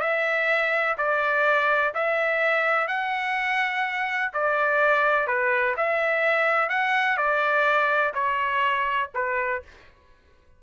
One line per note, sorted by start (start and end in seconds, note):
0.00 0.96 E5
0.98 1.94 D5
1.94 2.87 E5
2.87 4.31 F#5
4.33 5.27 D5
5.27 5.75 B4
5.76 6.69 E5
6.69 7.17 F#5
7.17 8.13 D5
8.14 9.10 C#5
9.14 9.62 B4